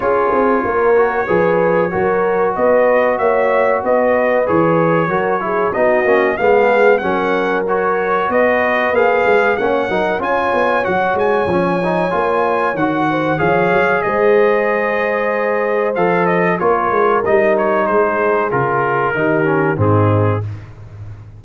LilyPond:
<<
  \new Staff \with { instrumentName = "trumpet" } { \time 4/4 \tempo 4 = 94 cis''1 | dis''4 e''4 dis''4 cis''4~ | cis''4 dis''4 f''4 fis''4 | cis''4 dis''4 f''4 fis''4 |
gis''4 fis''8 gis''2~ gis''8 | fis''4 f''4 dis''2~ | dis''4 f''8 dis''8 cis''4 dis''8 cis''8 | c''4 ais'2 gis'4 | }
  \new Staff \with { instrumentName = "horn" } { \time 4/4 gis'4 ais'4 b'4 ais'4 | b'4 cis''4 b'2 | ais'8 gis'8 fis'4 gis'4 ais'4~ | ais'4 b'2 cis''8 ais'8 |
cis''1~ | cis''8 c''8 cis''4 c''2~ | c''2 ais'2 | gis'2 g'4 dis'4 | }
  \new Staff \with { instrumentName = "trombone" } { \time 4/4 f'4. fis'8 gis'4 fis'4~ | fis'2. gis'4 | fis'8 e'8 dis'8 cis'8 b4 cis'4 | fis'2 gis'4 cis'8 dis'8 |
f'4 fis'4 cis'8 dis'8 f'4 | fis'4 gis'2.~ | gis'4 a'4 f'4 dis'4~ | dis'4 f'4 dis'8 cis'8 c'4 | }
  \new Staff \with { instrumentName = "tuba" } { \time 4/4 cis'8 c'8 ais4 f4 fis4 | b4 ais4 b4 e4 | fis4 b8 ais8 gis4 fis4~ | fis4 b4 ais8 gis8 ais8 fis8 |
cis'8 b8 fis8 gis8 f4 ais4 | dis4 f8 fis8 gis2~ | gis4 f4 ais8 gis8 g4 | gis4 cis4 dis4 gis,4 | }
>>